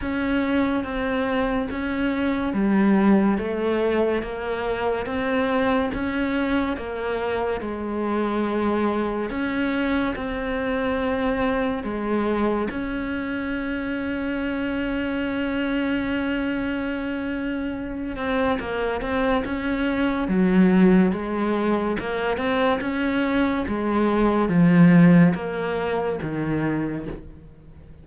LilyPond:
\new Staff \with { instrumentName = "cello" } { \time 4/4 \tempo 4 = 71 cis'4 c'4 cis'4 g4 | a4 ais4 c'4 cis'4 | ais4 gis2 cis'4 | c'2 gis4 cis'4~ |
cis'1~ | cis'4. c'8 ais8 c'8 cis'4 | fis4 gis4 ais8 c'8 cis'4 | gis4 f4 ais4 dis4 | }